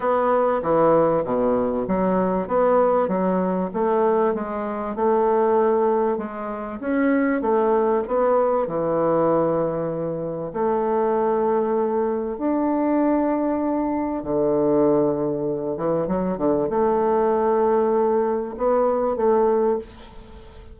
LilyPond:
\new Staff \with { instrumentName = "bassoon" } { \time 4/4 \tempo 4 = 97 b4 e4 b,4 fis4 | b4 fis4 a4 gis4 | a2 gis4 cis'4 | a4 b4 e2~ |
e4 a2. | d'2. d4~ | d4. e8 fis8 d8 a4~ | a2 b4 a4 | }